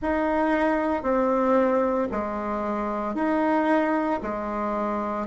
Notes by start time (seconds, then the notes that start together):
0.01 D#4
1.02 C4
2.11 G#3
3.14 D#4
4.22 G#3